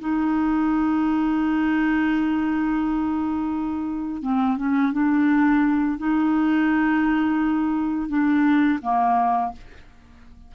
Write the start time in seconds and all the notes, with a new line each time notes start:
0.00 D#4
4.22 C4
4.57 C#4
4.93 D4
5.98 D#4
8.09 D4
8.82 A#3